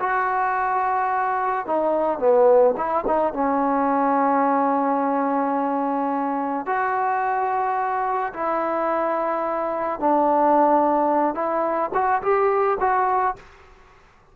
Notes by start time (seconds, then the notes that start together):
0.00 F#4
1.66 D#4
2.19 B3
2.77 E4
3.07 D#4
3.34 C#4
6.67 F#4
8.34 E4
10.00 D4
11.35 E4
11.94 F#4
12.22 G4
12.81 F#4